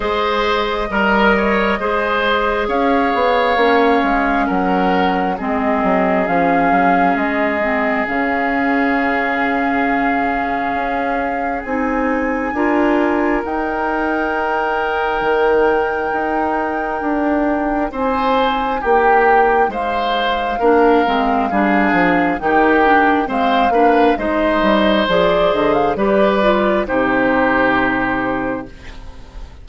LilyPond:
<<
  \new Staff \with { instrumentName = "flute" } { \time 4/4 \tempo 4 = 67 dis''2. f''4~ | f''4 fis''4 dis''4 f''4 | dis''4 f''2.~ | f''4 gis''2 g''4~ |
g''1 | gis''4 g''4 f''2~ | f''4 g''4 f''4 dis''4 | d''8 dis''16 f''16 d''4 c''2 | }
  \new Staff \with { instrumentName = "oboe" } { \time 4/4 c''4 ais'8 cis''8 c''4 cis''4~ | cis''4 ais'4 gis'2~ | gis'1~ | gis'2 ais'2~ |
ais'1 | c''4 g'4 c''4 ais'4 | gis'4 g'4 c''8 b'8 c''4~ | c''4 b'4 g'2 | }
  \new Staff \with { instrumentName = "clarinet" } { \time 4/4 gis'4 ais'4 gis'2 | cis'2 c'4 cis'4~ | cis'8 c'8 cis'2.~ | cis'4 dis'4 f'4 dis'4~ |
dis'1~ | dis'2. d'8 c'8 | d'4 dis'8 d'8 c'8 d'8 dis'4 | gis'4 g'8 f'8 dis'2 | }
  \new Staff \with { instrumentName = "bassoon" } { \time 4/4 gis4 g4 gis4 cis'8 b8 | ais8 gis8 fis4 gis8 fis8 f8 fis8 | gis4 cis2. | cis'4 c'4 d'4 dis'4~ |
dis'4 dis4 dis'4 d'4 | c'4 ais4 gis4 ais8 gis8 | g8 f8 dis4 gis8 ais8 gis8 g8 | f8 d8 g4 c2 | }
>>